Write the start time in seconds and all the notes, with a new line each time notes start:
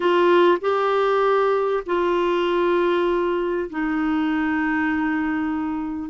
0.00 F4
0.61 G4
1.85 F4
3.70 D#4